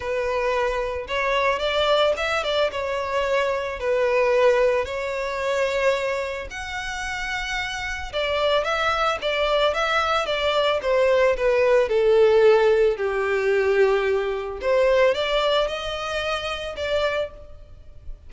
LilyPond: \new Staff \with { instrumentName = "violin" } { \time 4/4 \tempo 4 = 111 b'2 cis''4 d''4 | e''8 d''8 cis''2 b'4~ | b'4 cis''2. | fis''2. d''4 |
e''4 d''4 e''4 d''4 | c''4 b'4 a'2 | g'2. c''4 | d''4 dis''2 d''4 | }